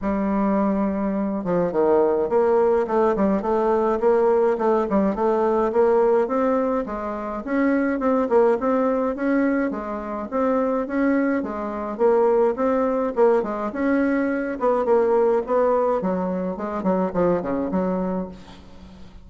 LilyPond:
\new Staff \with { instrumentName = "bassoon" } { \time 4/4 \tempo 4 = 105 g2~ g8 f8 dis4 | ais4 a8 g8 a4 ais4 | a8 g8 a4 ais4 c'4 | gis4 cis'4 c'8 ais8 c'4 |
cis'4 gis4 c'4 cis'4 | gis4 ais4 c'4 ais8 gis8 | cis'4. b8 ais4 b4 | fis4 gis8 fis8 f8 cis8 fis4 | }